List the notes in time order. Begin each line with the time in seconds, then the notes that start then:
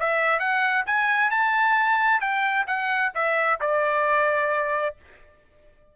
0.00 E5
0.40 F#5
0.87 G#5
1.31 A5
2.21 G5
2.67 F#5
3.15 E5
3.61 D5